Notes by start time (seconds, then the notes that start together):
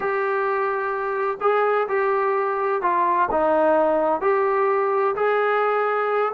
0.00 G4
1.40 G#4
1.88 G4
2.81 F4
3.31 D#4
4.21 G4
5.15 G#4